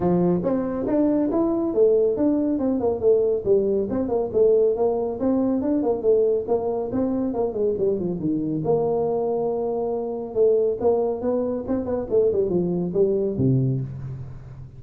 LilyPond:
\new Staff \with { instrumentName = "tuba" } { \time 4/4 \tempo 4 = 139 f4 c'4 d'4 e'4 | a4 d'4 c'8 ais8 a4 | g4 c'8 ais8 a4 ais4 | c'4 d'8 ais8 a4 ais4 |
c'4 ais8 gis8 g8 f8 dis4 | ais1 | a4 ais4 b4 c'8 b8 | a8 g8 f4 g4 c4 | }